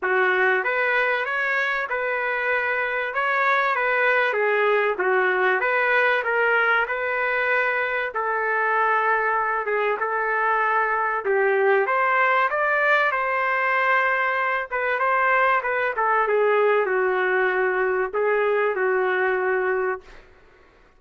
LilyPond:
\new Staff \with { instrumentName = "trumpet" } { \time 4/4 \tempo 4 = 96 fis'4 b'4 cis''4 b'4~ | b'4 cis''4 b'4 gis'4 | fis'4 b'4 ais'4 b'4~ | b'4 a'2~ a'8 gis'8 |
a'2 g'4 c''4 | d''4 c''2~ c''8 b'8 | c''4 b'8 a'8 gis'4 fis'4~ | fis'4 gis'4 fis'2 | }